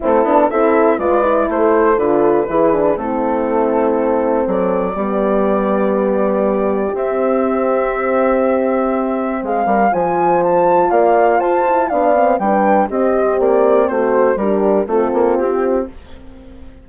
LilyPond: <<
  \new Staff \with { instrumentName = "flute" } { \time 4/4 \tempo 4 = 121 a'4 e''4 d''4 c''4 | b'2 a'2~ | a'4 d''2.~ | d''2 e''2~ |
e''2. f''4 | gis''4 a''4 f''4 a''4 | f''4 g''4 dis''4 d''4 | c''4 ais'4 a'4 g'4 | }
  \new Staff \with { instrumentName = "horn" } { \time 4/4 e'4 a'4 b'4 a'4~ | a'4 gis'4 e'2~ | e'4 a'4 g'2~ | g'1~ |
g'2. gis'8 ais'8 | c''2 d''4 c''4 | d''4 b'4 g'2 | fis'4 g'4 f'2 | }
  \new Staff \with { instrumentName = "horn" } { \time 4/4 c'8 d'8 e'4 f'8 e'4. | f'4 e'8 d'8 c'2~ | c'2 b2~ | b2 c'2~ |
c'1 | f'2.~ f'8 e'8 | d'8 c'8 d'4 c'2~ | c'4 d'4 c'2 | }
  \new Staff \with { instrumentName = "bassoon" } { \time 4/4 a8 b8 c'4 gis4 a4 | d4 e4 a2~ | a4 fis4 g2~ | g2 c'2~ |
c'2. gis8 g8 | f2 ais4 f'4 | b4 g4 c'4 ais4 | a4 g4 a8 ais8 c'4 | }
>>